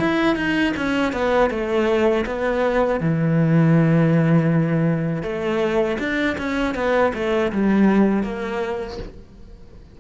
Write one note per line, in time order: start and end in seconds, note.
0.00 0.36 E4
0.36 0.74 D#4
0.77 1.13 C#4
1.13 1.50 B3
1.50 2.25 A3
2.26 3.00 B3
3.00 5.23 E3
5.23 5.98 A3
5.99 6.37 D4
6.38 6.75 C#4
6.75 7.12 B3
7.15 7.52 A3
7.53 8.23 G3
8.23 8.98 A#3